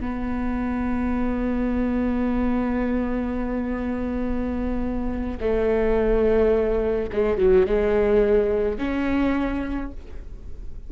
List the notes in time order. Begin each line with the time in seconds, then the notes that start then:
0.00 B3
5.40 A3
7.12 G#3
7.37 F#3
7.66 G#3
8.78 C#4